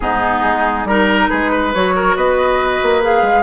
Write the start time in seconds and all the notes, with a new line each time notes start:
0.00 G#2 B3 D#4 G#4
0.44 G#3
0.84 G3 D#4 A#4
1.28 G#3 G#4 B4
1.51 B4
1.74 F#3 F#4 C#5
1.95 A#4
2.16 B3 B4 D#5
2.82 A#3
3.01 G#4 F5
3.21 G#3